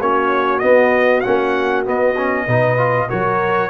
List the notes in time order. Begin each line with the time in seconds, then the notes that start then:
0.00 A#3 C#4 F#4 C#5
0.59 B3 D#5
1.21 A#3 C#4 F#5
1.85 B3 D#5
2.17 C#4
2.46 B2 D#4 B4
2.78 F4
3.09 F#3 F#4 A#4 C#5